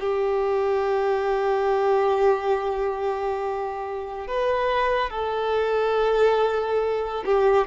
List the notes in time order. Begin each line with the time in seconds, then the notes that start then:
0.00 G4
4.27 B4
5.10 A4
7.26 G4